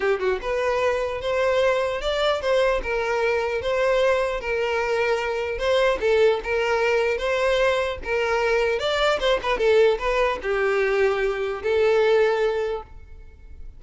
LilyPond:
\new Staff \with { instrumentName = "violin" } { \time 4/4 \tempo 4 = 150 g'8 fis'8 b'2 c''4~ | c''4 d''4 c''4 ais'4~ | ais'4 c''2 ais'4~ | ais'2 c''4 a'4 |
ais'2 c''2 | ais'2 d''4 c''8 b'8 | a'4 b'4 g'2~ | g'4 a'2. | }